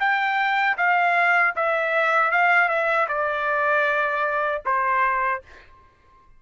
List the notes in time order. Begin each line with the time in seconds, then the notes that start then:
0.00 G5
0.78 F5
1.56 E5
2.31 F5
2.69 E5
3.08 D5
4.65 C5